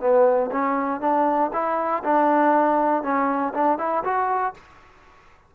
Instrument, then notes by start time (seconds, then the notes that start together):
trombone
0.00 B3
0.51 C#4
1.00 D4
1.53 E4
2.03 D4
3.03 C#4
3.54 D4
3.78 E4
4.03 F#4